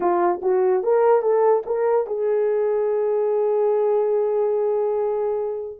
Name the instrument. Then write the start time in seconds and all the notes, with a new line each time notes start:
horn
0.00 F4
0.42 F#4
0.83 A#4
1.22 A4
1.66 A#4
2.07 G#4